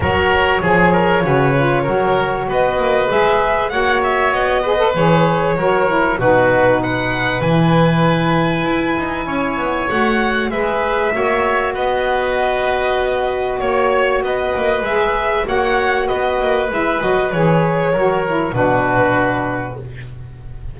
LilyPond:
<<
  \new Staff \with { instrumentName = "violin" } { \time 4/4 \tempo 4 = 97 cis''1 | dis''4 e''4 fis''8 e''8 dis''4 | cis''2 b'4 fis''4 | gis''1 |
fis''4 e''2 dis''4~ | dis''2 cis''4 dis''4 | e''4 fis''4 dis''4 e''8 dis''8 | cis''2 b'2 | }
  \new Staff \with { instrumentName = "oboe" } { \time 4/4 ais'4 gis'8 ais'8 b'4 ais'4 | b'2 cis''4. b'8~ | b'4 ais'4 fis'4 b'4~ | b'2. cis''4~ |
cis''4 b'4 cis''4 b'4~ | b'2 cis''4 b'4~ | b'4 cis''4 b'2~ | b'4 ais'4 fis'2 | }
  \new Staff \with { instrumentName = "saxophone" } { \time 4/4 fis'4 gis'4 fis'8 f'8 fis'4~ | fis'4 gis'4 fis'4. gis'16 a'16 | gis'4 fis'8 e'8 dis'2 | e'1 |
fis'4 gis'4 fis'2~ | fis'1 | gis'4 fis'2 e'8 fis'8 | gis'4 fis'8 e'8 d'2 | }
  \new Staff \with { instrumentName = "double bass" } { \time 4/4 fis4 f4 cis4 fis4 | b8 ais8 gis4 ais4 b4 | e4 fis4 b,2 | e2 e'8 dis'8 cis'8 b8 |
a4 gis4 ais4 b4~ | b2 ais4 b8 ais8 | gis4 ais4 b8 ais8 gis8 fis8 | e4 fis4 b,2 | }
>>